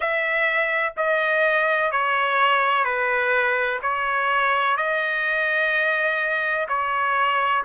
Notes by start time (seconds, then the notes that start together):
0.00 E5
0.97 D#5
1.91 C#5
2.84 B4
3.82 C#5
4.76 D#5
6.68 C#5